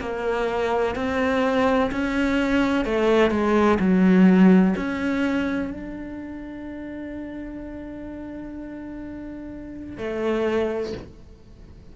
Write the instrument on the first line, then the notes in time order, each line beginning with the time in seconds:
cello
0.00 A#3
0.95 C4
1.91 C#4
2.85 A3
3.31 G#3
3.80 F#3
4.76 C#4
5.71 D4
9.98 A3